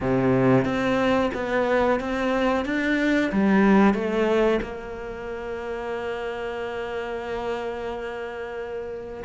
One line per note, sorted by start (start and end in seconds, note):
0.01 0.64 C3
0.64 1.30 C4
1.34 2.00 B3
2.00 2.65 C4
2.65 3.31 D4
3.31 3.94 G3
3.94 4.60 A3
4.62 9.23 A#3